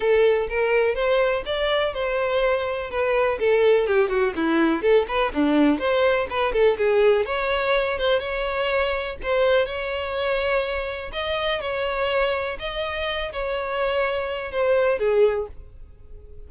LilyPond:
\new Staff \with { instrumentName = "violin" } { \time 4/4 \tempo 4 = 124 a'4 ais'4 c''4 d''4 | c''2 b'4 a'4 | g'8 fis'8 e'4 a'8 b'8 d'4 | c''4 b'8 a'8 gis'4 cis''4~ |
cis''8 c''8 cis''2 c''4 | cis''2. dis''4 | cis''2 dis''4. cis''8~ | cis''2 c''4 gis'4 | }